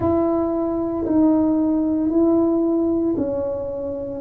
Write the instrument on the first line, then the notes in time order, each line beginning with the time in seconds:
tuba
0.00 E4
1.05 D#4
2.10 E4
3.17 C#4